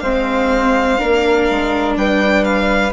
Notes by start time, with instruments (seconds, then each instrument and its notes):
0.00 bassoon G#3, viola C4, flute C5, violin F5
0.98 bassoon A#3, viola D4, flute A#4
1.50 bassoon G#3
1.96 bassoon G3, flute B4, violin G5
2.45 violin F5